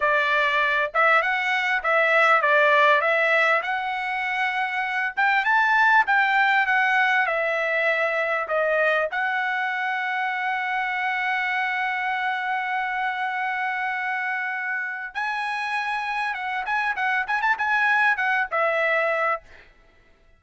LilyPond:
\new Staff \with { instrumentName = "trumpet" } { \time 4/4 \tempo 4 = 99 d''4. e''8 fis''4 e''4 | d''4 e''4 fis''2~ | fis''8 g''8 a''4 g''4 fis''4 | e''2 dis''4 fis''4~ |
fis''1~ | fis''1~ | fis''4 gis''2 fis''8 gis''8 | fis''8 gis''16 a''16 gis''4 fis''8 e''4. | }